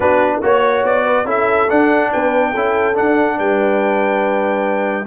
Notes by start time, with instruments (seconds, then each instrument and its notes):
0.00 tuba B3, trombone D4, horn F#4, trumpet B4
0.42 tuba A#3, trombone F#4, horn C#5, trumpet C#5
0.83 tuba B3, trumpet D5
1.03 horn B4
1.24 tuba C#4, trombone E4, horn A4, trumpet E5
1.69 trombone D4, tuba D4, trumpet F#5
2.12 tuba B3, horn B4, trumpet G5
2.51 tuba C#4, trombone E4, horn A4
2.94 trombone D4, tuba D4, trumpet F#5
3.37 tuba G3, horn B4, trumpet G5